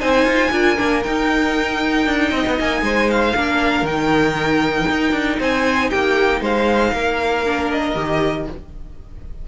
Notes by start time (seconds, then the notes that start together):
0.00 C4 D#4 C5 G#5
0.26 F4
0.51 D4 F4 A#4
0.77 A#3 D4
1.03 D#4 G5
2.07 D4
2.30 C4 D#5
2.47 B3
2.61 A#3 G#5
2.82 G#3 C5
3.11 F5
3.36 A#3 D4 A#4
3.82 D#3 G5
3.88 D#4
4.91 D#4
5.12 D4
5.39 C4 C5 G#5
5.90 A#3 G4 G5
6.41 G#3 C5 F5
6.93 A#3 A#4
7.46 D4
7.71 D#5
7.96 D#3 G4